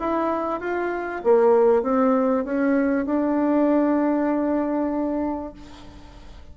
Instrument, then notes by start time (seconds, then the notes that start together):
bassoon
0.00 E4
0.61 F4
1.24 A#3
1.83 C4
2.45 C#4
3.06 D4